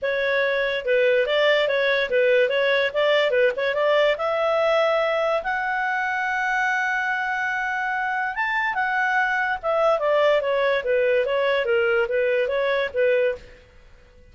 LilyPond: \new Staff \with { instrumentName = "clarinet" } { \time 4/4 \tempo 4 = 144 cis''2 b'4 d''4 | cis''4 b'4 cis''4 d''4 | b'8 cis''8 d''4 e''2~ | e''4 fis''2.~ |
fis''1 | a''4 fis''2 e''4 | d''4 cis''4 b'4 cis''4 | ais'4 b'4 cis''4 b'4 | }